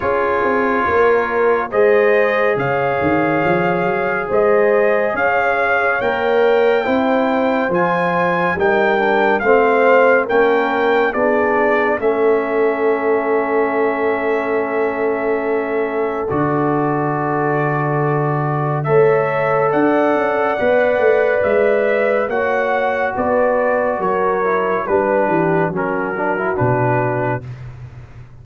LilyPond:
<<
  \new Staff \with { instrumentName = "trumpet" } { \time 4/4 \tempo 4 = 70 cis''2 dis''4 f''4~ | f''4 dis''4 f''4 g''4~ | g''4 gis''4 g''4 f''4 | g''4 d''4 e''2~ |
e''2. d''4~ | d''2 e''4 fis''4~ | fis''4 e''4 fis''4 d''4 | cis''4 b'4 ais'4 b'4 | }
  \new Staff \with { instrumentName = "horn" } { \time 4/4 gis'4 ais'4 c''4 cis''4~ | cis''4 c''4 cis''2 | c''2 ais'4 c''4 | ais'4 gis'4 a'2~ |
a'1~ | a'2 cis''4 d''4~ | d''2 cis''4 b'4 | ais'4 b'8 g'8 fis'2 | }
  \new Staff \with { instrumentName = "trombone" } { \time 4/4 f'2 gis'2~ | gis'2. ais'4 | e'4 f'4 dis'8 d'8 c'4 | cis'4 d'4 cis'2~ |
cis'2. fis'4~ | fis'2 a'2 | b'2 fis'2~ | fis'8 e'8 d'4 cis'8 d'16 e'16 d'4 | }
  \new Staff \with { instrumentName = "tuba" } { \time 4/4 cis'8 c'8 ais4 gis4 cis8 dis8 | f8 fis8 gis4 cis'4 ais4 | c'4 f4 g4 a4 | ais4 b4 a2~ |
a2. d4~ | d2 a4 d'8 cis'8 | b8 a8 gis4 ais4 b4 | fis4 g8 e8 fis4 b,4 | }
>>